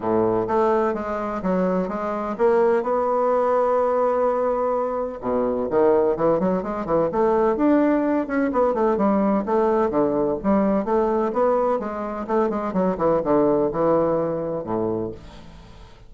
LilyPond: \new Staff \with { instrumentName = "bassoon" } { \time 4/4 \tempo 4 = 127 a,4 a4 gis4 fis4 | gis4 ais4 b2~ | b2. b,4 | dis4 e8 fis8 gis8 e8 a4 |
d'4. cis'8 b8 a8 g4 | a4 d4 g4 a4 | b4 gis4 a8 gis8 fis8 e8 | d4 e2 a,4 | }